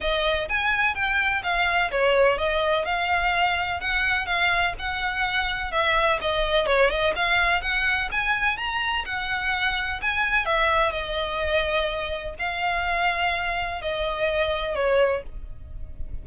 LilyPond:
\new Staff \with { instrumentName = "violin" } { \time 4/4 \tempo 4 = 126 dis''4 gis''4 g''4 f''4 | cis''4 dis''4 f''2 | fis''4 f''4 fis''2 | e''4 dis''4 cis''8 dis''8 f''4 |
fis''4 gis''4 ais''4 fis''4~ | fis''4 gis''4 e''4 dis''4~ | dis''2 f''2~ | f''4 dis''2 cis''4 | }